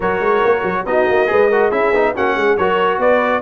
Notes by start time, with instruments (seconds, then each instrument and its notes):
0.00 tuba F#3, trombone F#4, horn A#4, trumpet C#5
0.20 tuba G#3
0.44 tuba A#3
0.62 tuba F#3
0.85 tuba B3, trombone D#4, horn F#4, trumpet D#5
1.09 tuba A#3
1.26 tuba G#3, trombone G#4, horn B4
1.49 trombone F#4, horn A#4
1.70 tuba C#4, trombone E4, horn G#4, trumpet E5
1.93 tuba B3, trombone D#4
2.15 tuba A#3, trombone C#4, horn F#4, trumpet F#5
2.35 tuba G#3, horn G#4
2.57 tuba F#3, trombone F#4, horn A#4, trumpet C#5
2.98 tuba B3, horn B4, trumpet D5